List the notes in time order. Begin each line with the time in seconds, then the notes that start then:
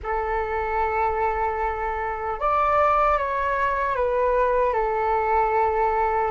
0.03 A4
2.39 D5
3.18 C#5
3.95 B4
4.73 A4